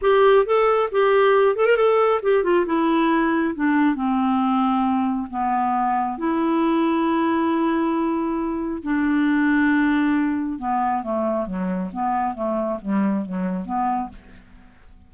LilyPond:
\new Staff \with { instrumentName = "clarinet" } { \time 4/4 \tempo 4 = 136 g'4 a'4 g'4. a'16 ais'16 | a'4 g'8 f'8 e'2 | d'4 c'2. | b2 e'2~ |
e'1 | d'1 | b4 a4 fis4 b4 | a4 g4 fis4 b4 | }